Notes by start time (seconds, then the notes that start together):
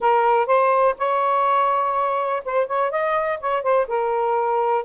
0.00 A#4
0.46 C5
0.97 C#5
2.45 C5
2.66 C#5
2.90 D#5
3.40 C#5
3.62 C5
3.87 A#4